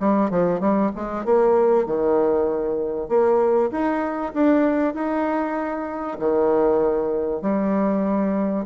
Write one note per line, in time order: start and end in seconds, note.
0.00 0.30 G3
0.30 0.60 F3
0.60 0.91 G3
0.96 1.25 G#3
1.25 1.86 A#3
1.86 3.09 D#3
3.09 3.71 A#3
3.71 4.33 D#4
4.34 4.94 D4
4.94 6.18 D#4
6.19 7.42 D#3
7.42 8.65 G3